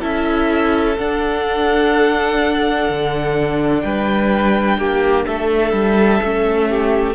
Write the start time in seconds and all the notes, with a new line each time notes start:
0.00 C#4 E4 A4 E5
0.97 D4 F#5
2.89 D3
3.81 G3 B4 G5
4.77 A#3 G4
5.25 A3 A4 E5
5.72 G3
6.22 A3 C#4
6.68 G4